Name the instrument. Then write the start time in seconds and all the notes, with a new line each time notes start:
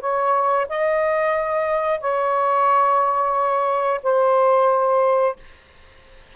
saxophone
0.00 C#5
0.69 D#5
2.01 C#5
4.03 C5